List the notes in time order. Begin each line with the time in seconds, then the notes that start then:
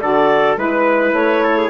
0.00 D3 F#4 A4 D5
0.56 G#3 E4 B4
1.13 A3 C#5
1.44 A4
1.58 G#4